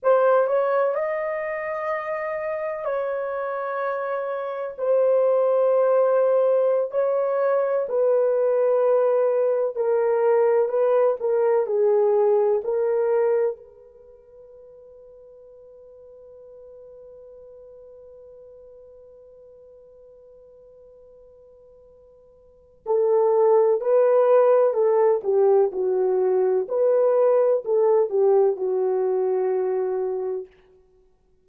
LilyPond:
\new Staff \with { instrumentName = "horn" } { \time 4/4 \tempo 4 = 63 c''8 cis''8 dis''2 cis''4~ | cis''4 c''2~ c''16 cis''8.~ | cis''16 b'2 ais'4 b'8 ais'16~ | ais'16 gis'4 ais'4 b'4.~ b'16~ |
b'1~ | b'1 | a'4 b'4 a'8 g'8 fis'4 | b'4 a'8 g'8 fis'2 | }